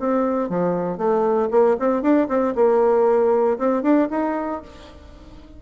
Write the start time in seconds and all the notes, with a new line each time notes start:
0.00 C4
0.50 F3
0.98 A3
1.51 A#3
1.80 C4
2.03 D4
2.29 C4
2.56 A#3
3.59 C4
3.83 D4
4.11 D#4